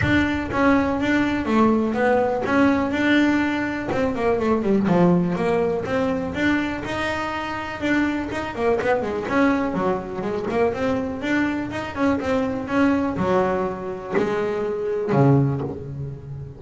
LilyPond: \new Staff \with { instrumentName = "double bass" } { \time 4/4 \tempo 4 = 123 d'4 cis'4 d'4 a4 | b4 cis'4 d'2 | c'8 ais8 a8 g8 f4 ais4 | c'4 d'4 dis'2 |
d'4 dis'8 ais8 b8 gis8 cis'4 | fis4 gis8 ais8 c'4 d'4 | dis'8 cis'8 c'4 cis'4 fis4~ | fis4 gis2 cis4 | }